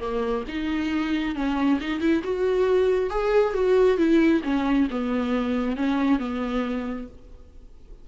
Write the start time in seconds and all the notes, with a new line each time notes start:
0.00 A#3
0.48 D#4
1.35 C#4
1.80 D#4
2.00 E4
2.23 F#4
3.10 G#4
3.54 F#4
3.97 E4
4.44 C#4
4.90 B3
5.76 C#4
6.19 B3